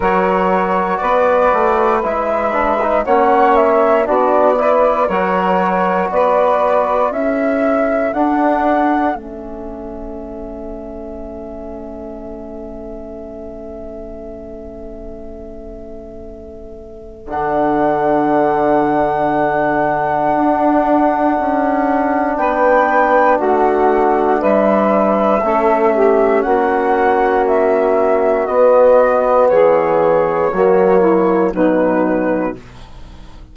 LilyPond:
<<
  \new Staff \with { instrumentName = "flute" } { \time 4/4 \tempo 4 = 59 cis''4 d''4 e''4 fis''8 e''8 | d''4 cis''4 d''4 e''4 | fis''4 e''2.~ | e''1~ |
e''4 fis''2.~ | fis''2 g''4 fis''4 | e''2 fis''4 e''4 | dis''4 cis''2 b'4 | }
  \new Staff \with { instrumentName = "saxophone" } { \time 4/4 ais'4 b'2 cis''4 | fis'8 b'8 ais'4 b'4 a'4~ | a'1~ | a'1~ |
a'1~ | a'2 b'4 fis'4 | b'4 a'8 g'8 fis'2~ | fis'4 gis'4 fis'8 e'8 dis'4 | }
  \new Staff \with { instrumentName = "trombone" } { \time 4/4 fis'2 e'8 d'16 dis'16 cis'4 | d'8 e'8 fis'2 e'4 | d'4 cis'2.~ | cis'1~ |
cis'4 d'2.~ | d'1~ | d'4 cis'2. | b2 ais4 fis4 | }
  \new Staff \with { instrumentName = "bassoon" } { \time 4/4 fis4 b8 a8 gis4 ais4 | b4 fis4 b4 cis'4 | d'4 a2.~ | a1~ |
a4 d2. | d'4 cis'4 b4 a4 | g4 a4 ais2 | b4 e4 fis4 b,4 | }
>>